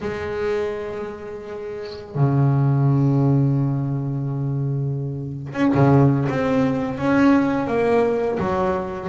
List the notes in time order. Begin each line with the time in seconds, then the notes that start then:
0.01 G#3
2.15 C#3
5.53 C#4
5.74 C#3
6.29 C4
6.98 C#4
7.67 A#3
8.39 F#3